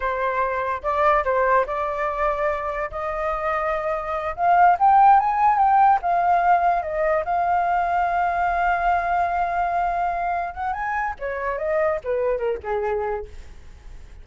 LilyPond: \new Staff \with { instrumentName = "flute" } { \time 4/4 \tempo 4 = 145 c''2 d''4 c''4 | d''2. dis''4~ | dis''2~ dis''8 f''4 g''8~ | g''8 gis''4 g''4 f''4.~ |
f''8 dis''4 f''2~ f''8~ | f''1~ | f''4. fis''8 gis''4 cis''4 | dis''4 b'4 ais'8 gis'4. | }